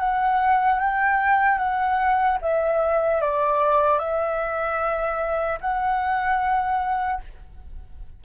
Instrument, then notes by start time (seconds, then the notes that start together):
flute
0.00 F#5
0.80 G5
1.59 F#5
2.42 E5
3.21 D5
3.99 E5
5.61 F#5